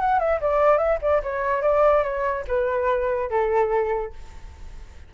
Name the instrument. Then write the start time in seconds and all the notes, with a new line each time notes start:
flute
0.00 F#5
0.19 E5
0.41 D5
0.78 E5
1.01 D5
1.23 C#5
1.62 D5
2.03 C#5
2.48 B4
3.30 A4